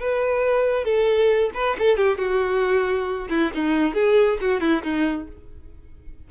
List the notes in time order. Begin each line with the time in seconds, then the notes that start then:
0.00 B4
0.84 A4
1.54 B4
1.78 A4
1.97 G4
2.18 F#4
3.29 E4
3.55 D#4
3.94 G#4
4.41 F#4
4.61 E4
4.83 D#4